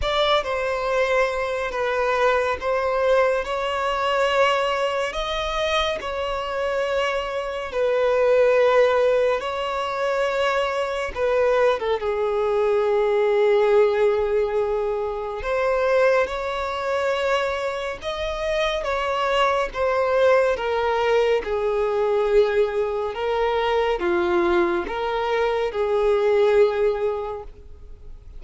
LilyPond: \new Staff \with { instrumentName = "violin" } { \time 4/4 \tempo 4 = 70 d''8 c''4. b'4 c''4 | cis''2 dis''4 cis''4~ | cis''4 b'2 cis''4~ | cis''4 b'8. a'16 gis'2~ |
gis'2 c''4 cis''4~ | cis''4 dis''4 cis''4 c''4 | ais'4 gis'2 ais'4 | f'4 ais'4 gis'2 | }